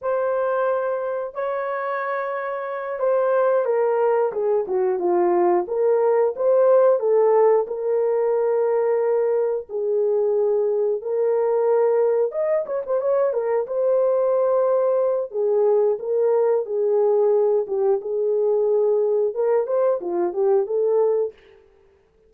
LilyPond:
\new Staff \with { instrumentName = "horn" } { \time 4/4 \tempo 4 = 90 c''2 cis''2~ | cis''8 c''4 ais'4 gis'8 fis'8 f'8~ | f'8 ais'4 c''4 a'4 ais'8~ | ais'2~ ais'8 gis'4.~ |
gis'8 ais'2 dis''8 cis''16 c''16 cis''8 | ais'8 c''2~ c''8 gis'4 | ais'4 gis'4. g'8 gis'4~ | gis'4 ais'8 c''8 f'8 g'8 a'4 | }